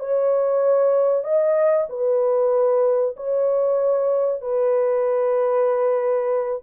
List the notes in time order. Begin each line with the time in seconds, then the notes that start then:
0.00 C#5
1.24 D#5
1.90 B4
3.17 C#5
4.42 B4